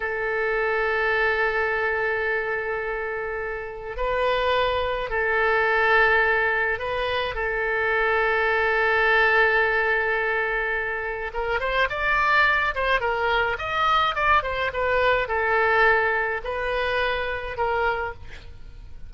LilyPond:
\new Staff \with { instrumentName = "oboe" } { \time 4/4 \tempo 4 = 106 a'1~ | a'2. b'4~ | b'4 a'2. | b'4 a'2.~ |
a'1 | ais'8 c''8 d''4. c''8 ais'4 | dis''4 d''8 c''8 b'4 a'4~ | a'4 b'2 ais'4 | }